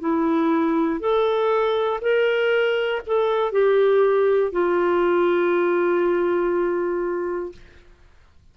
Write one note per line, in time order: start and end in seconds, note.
0.00 1.00 E4
1.00 2.00 A4
2.01 3.01 A#4
3.06 3.52 A4
3.52 4.52 G4
4.52 7.52 F4